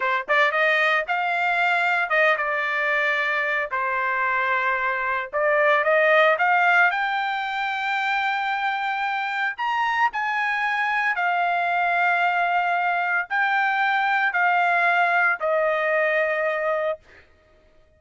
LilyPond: \new Staff \with { instrumentName = "trumpet" } { \time 4/4 \tempo 4 = 113 c''8 d''8 dis''4 f''2 | dis''8 d''2~ d''8 c''4~ | c''2 d''4 dis''4 | f''4 g''2.~ |
g''2 ais''4 gis''4~ | gis''4 f''2.~ | f''4 g''2 f''4~ | f''4 dis''2. | }